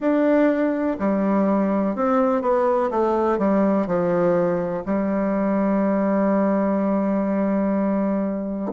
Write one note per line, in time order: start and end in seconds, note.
0.00 0.97 D4
0.99 1.95 G3
1.95 2.41 C4
2.41 2.89 B3
2.90 3.38 A3
3.38 3.86 G3
3.86 4.83 F3
4.85 8.72 G3